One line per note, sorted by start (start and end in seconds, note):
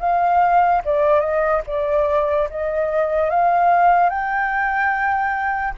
0.00 0.82 F5
0.85 1.20 D5
1.20 1.61 D#5
1.67 2.49 D5
2.50 3.30 D#5
3.30 4.10 F5
4.10 5.74 G5